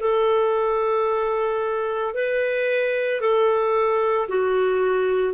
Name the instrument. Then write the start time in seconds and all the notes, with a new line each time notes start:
clarinet
0.00 A4
2.14 B4
3.20 A4
4.29 F#4